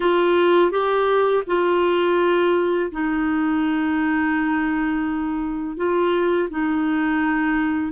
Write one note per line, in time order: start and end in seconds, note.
0.00 0.71 F4
0.71 1.43 G4
1.46 2.91 F4
2.91 5.76 D#4
5.76 6.49 F4
6.50 7.92 D#4